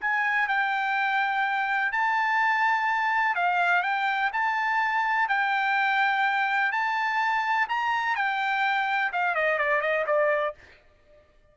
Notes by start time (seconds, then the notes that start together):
0.00 G#5
0.48 G5
1.92 A5
3.35 F5
3.82 G5
4.32 A5
5.28 G5
6.71 A5
7.68 A#5
8.15 G5
9.12 F5
9.34 D#5
9.58 D5
9.81 D#5
10.06 D5